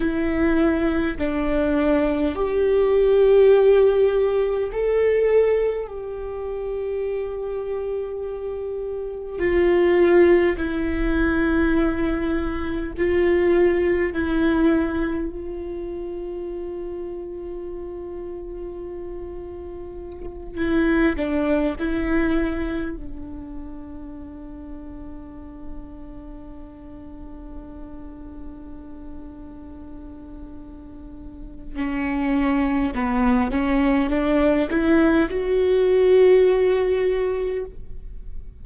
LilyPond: \new Staff \with { instrumentName = "viola" } { \time 4/4 \tempo 4 = 51 e'4 d'4 g'2 | a'4 g'2. | f'4 e'2 f'4 | e'4 f'2.~ |
f'4. e'8 d'8 e'4 d'8~ | d'1~ | d'2. cis'4 | b8 cis'8 d'8 e'8 fis'2 | }